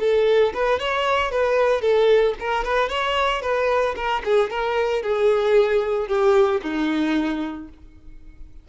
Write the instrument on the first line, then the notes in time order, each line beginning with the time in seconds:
violin
0.00 A4
0.54 B4
0.79 C#5
1.31 B4
1.81 A4
2.40 A#4
2.64 B4
2.89 C#5
3.42 B4
3.96 A#4
4.25 G#4
4.50 A#4
5.02 G#4
6.08 G4
6.62 D#4